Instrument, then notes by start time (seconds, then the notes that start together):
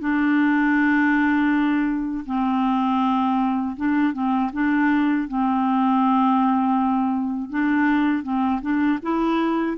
clarinet
0.00 D4
2.26 C4
3.77 D4
4.14 C4
4.53 D4
5.28 C4
7.50 D4
8.23 C4
8.62 D4
9.03 E4